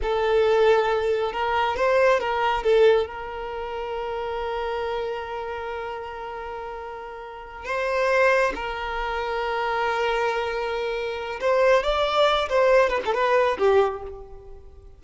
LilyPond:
\new Staff \with { instrumentName = "violin" } { \time 4/4 \tempo 4 = 137 a'2. ais'4 | c''4 ais'4 a'4 ais'4~ | ais'1~ | ais'1~ |
ais'4. c''2 ais'8~ | ais'1~ | ais'2 c''4 d''4~ | d''8 c''4 b'16 a'16 b'4 g'4 | }